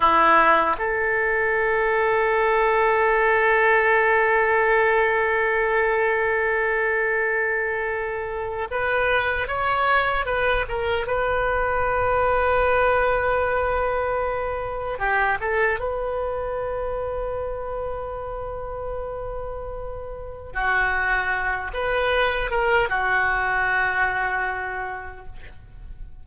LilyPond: \new Staff \with { instrumentName = "oboe" } { \time 4/4 \tempo 4 = 76 e'4 a'2.~ | a'1~ | a'2. b'4 | cis''4 b'8 ais'8 b'2~ |
b'2. g'8 a'8 | b'1~ | b'2 fis'4. b'8~ | b'8 ais'8 fis'2. | }